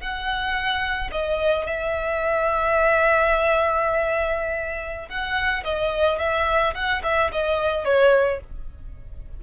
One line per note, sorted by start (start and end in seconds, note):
0.00 1.10 F#5
1.11 1.66 D#5
1.66 5.08 E5
5.08 5.63 F#5
5.63 6.18 D#5
6.18 6.73 E5
6.74 7.02 F#5
7.03 7.30 E5
7.32 7.84 D#5
7.84 8.39 C#5